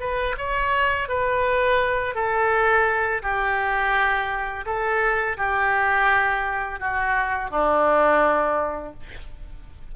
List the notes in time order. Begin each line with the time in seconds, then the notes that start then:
0.00 B4
0.37 C#5
1.08 B4
2.15 A4
3.22 G4
4.66 A4
5.37 G4
6.80 F#4
7.51 D4